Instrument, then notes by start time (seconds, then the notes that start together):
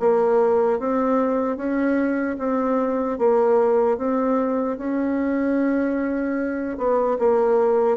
bassoon
0.00 A#3
0.80 C4
1.57 C#4
2.39 C4
3.19 A#3
3.98 C4
4.78 C#4
6.78 B3
7.19 A#3